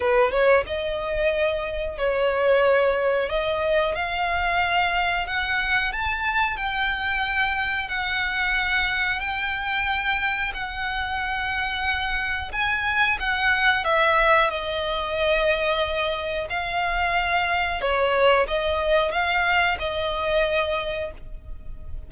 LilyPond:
\new Staff \with { instrumentName = "violin" } { \time 4/4 \tempo 4 = 91 b'8 cis''8 dis''2 cis''4~ | cis''4 dis''4 f''2 | fis''4 a''4 g''2 | fis''2 g''2 |
fis''2. gis''4 | fis''4 e''4 dis''2~ | dis''4 f''2 cis''4 | dis''4 f''4 dis''2 | }